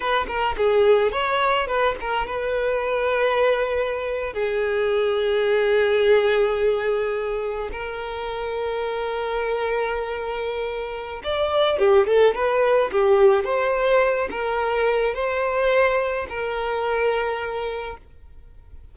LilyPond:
\new Staff \with { instrumentName = "violin" } { \time 4/4 \tempo 4 = 107 b'8 ais'8 gis'4 cis''4 b'8 ais'8 | b'2.~ b'8. gis'16~ | gis'1~ | gis'4.~ gis'16 ais'2~ ais'16~ |
ais'1 | d''4 g'8 a'8 b'4 g'4 | c''4. ais'4. c''4~ | c''4 ais'2. | }